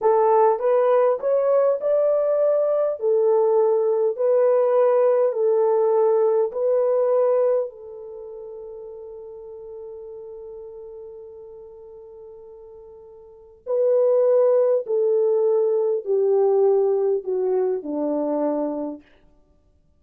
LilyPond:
\new Staff \with { instrumentName = "horn" } { \time 4/4 \tempo 4 = 101 a'4 b'4 cis''4 d''4~ | d''4 a'2 b'4~ | b'4 a'2 b'4~ | b'4 a'2.~ |
a'1~ | a'2. b'4~ | b'4 a'2 g'4~ | g'4 fis'4 d'2 | }